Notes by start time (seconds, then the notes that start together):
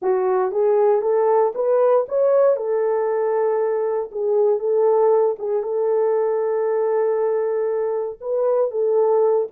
0.01 F#4
0.51 G#4
1.01 A4
1.55 B4
2.08 C#5
2.56 A4
4.11 G#4
4.59 A4
5.38 G#4
5.62 A4
8.21 B4
8.70 A4